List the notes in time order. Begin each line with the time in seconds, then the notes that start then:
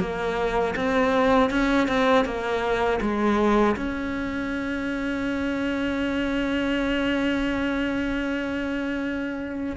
0.00 A#3
0.76 C4
1.51 C#4
1.88 C4
2.25 A#3
3.01 G#3
3.77 C#4